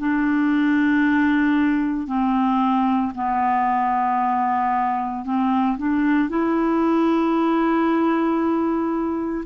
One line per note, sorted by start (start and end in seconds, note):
0.00 2.08 D4
2.08 3.13 C4
3.15 5.25 B3
5.25 5.78 C4
5.78 6.30 D4
6.30 9.45 E4